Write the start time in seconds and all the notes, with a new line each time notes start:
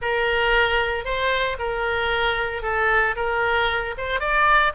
0.01 A#4
1.04 C5
1.58 A#4
2.62 A4
3.16 A#4
3.97 C5
4.19 D5